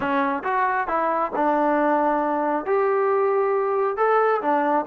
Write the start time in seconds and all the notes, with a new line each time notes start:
0.00 C#4
0.43 F#4
0.87 E4
1.35 D4
2.65 G4
3.96 A4
4.41 D4